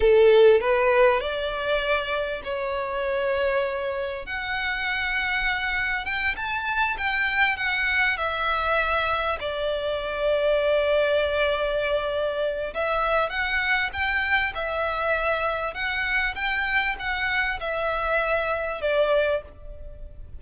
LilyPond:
\new Staff \with { instrumentName = "violin" } { \time 4/4 \tempo 4 = 99 a'4 b'4 d''2 | cis''2. fis''4~ | fis''2 g''8 a''4 g''8~ | g''8 fis''4 e''2 d''8~ |
d''1~ | d''4 e''4 fis''4 g''4 | e''2 fis''4 g''4 | fis''4 e''2 d''4 | }